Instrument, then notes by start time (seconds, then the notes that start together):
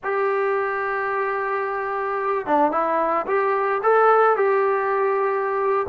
trombone
0.03 G4
2.46 D4
2.71 E4
3.27 G4
3.83 A4
4.36 G4